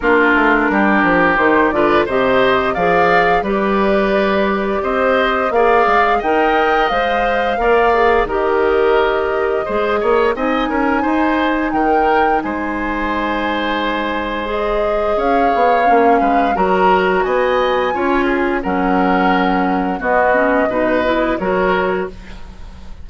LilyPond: <<
  \new Staff \with { instrumentName = "flute" } { \time 4/4 \tempo 4 = 87 ais'2 c''8 d''8 dis''4 | f''4 d''2 dis''4 | f''4 g''4 f''2 | dis''2. gis''4~ |
gis''4 g''4 gis''2~ | gis''4 dis''4 f''2 | ais''4 gis''2 fis''4~ | fis''4 dis''2 cis''4 | }
  \new Staff \with { instrumentName = "oboe" } { \time 4/4 f'4 g'4. b'8 c''4 | d''4 b'2 c''4 | d''4 dis''2 d''4 | ais'2 c''8 cis''8 dis''8 ais'8 |
c''4 ais'4 c''2~ | c''2 cis''4. b'8 | ais'4 dis''4 cis''8 gis'8 ais'4~ | ais'4 fis'4 b'4 ais'4 | }
  \new Staff \with { instrumentName = "clarinet" } { \time 4/4 d'2 dis'8 f'8 g'4 | gis'4 g'2. | gis'4 ais'4 c''4 ais'8 gis'8 | g'2 gis'4 dis'4~ |
dis'1~ | dis'4 gis'2 cis'4 | fis'2 f'4 cis'4~ | cis'4 b8 cis'8 dis'8 e'8 fis'4 | }
  \new Staff \with { instrumentName = "bassoon" } { \time 4/4 ais8 a8 g8 f8 dis8 d8 c4 | f4 g2 c'4 | ais8 gis8 dis'4 gis4 ais4 | dis2 gis8 ais8 c'8 cis'8 |
dis'4 dis4 gis2~ | gis2 cis'8 b8 ais8 gis8 | fis4 b4 cis'4 fis4~ | fis4 b4 b,4 fis4 | }
>>